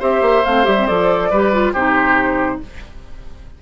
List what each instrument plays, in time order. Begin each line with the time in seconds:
0.00 bassoon C4, clarinet G4, oboe C5, flute E5
0.22 bassoon A#3
0.45 bassoon A3, clarinet C4, flute F5
0.65 bassoon G3, clarinet G4, flute E5
0.79 clarinet C4
0.87 bassoon F3, clarinet A4, flute D5
1.30 bassoon G3, clarinet G4, oboe B4
1.53 clarinet F4
1.73 bassoon C3, clarinet D#4, oboe G4, flute C5